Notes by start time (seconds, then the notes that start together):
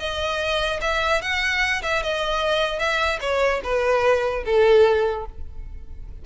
0.00 D#5
0.82 E5
1.22 F#5
1.83 E5
2.03 D#5
2.80 E5
3.21 C#5
3.64 B4
4.46 A4